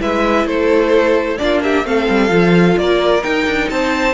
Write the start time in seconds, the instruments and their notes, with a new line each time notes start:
0.00 cello G#3, viola E4, violin B4 E5
0.45 cello A3, violin A4 C5
1.38 cello A#3, viola D4, violin F4 D5
1.63 violin G4 E5
1.85 cello A3, viola C4, violin A4 F5
2.09 cello G3
2.29 cello F3, viola F4
2.77 cello A#3, violin A#4 D5
3.23 viola D#4, cello D#4, violin G5
3.47 cello D4
3.70 cello C4, violin C5 A5